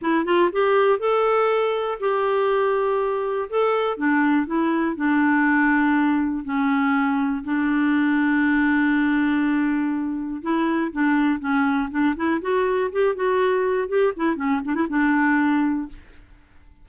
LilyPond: \new Staff \with { instrumentName = "clarinet" } { \time 4/4 \tempo 4 = 121 e'8 f'8 g'4 a'2 | g'2. a'4 | d'4 e'4 d'2~ | d'4 cis'2 d'4~ |
d'1~ | d'4 e'4 d'4 cis'4 | d'8 e'8 fis'4 g'8 fis'4. | g'8 e'8 cis'8 d'16 e'16 d'2 | }